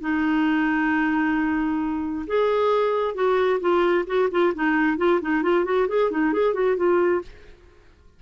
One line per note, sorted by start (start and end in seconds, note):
0.00 2.26 D#4
2.27 3.15 G#4
3.15 3.60 F#4
3.60 4.05 F4
4.06 4.29 F#4
4.31 4.53 F4
4.54 4.97 D#4
4.97 5.20 F4
5.21 5.42 D#4
5.42 5.65 F4
5.65 5.87 F#4
5.88 6.11 G#4
6.11 6.33 D#4
6.33 6.54 G#4
6.54 6.76 F#4
6.76 7.22 F4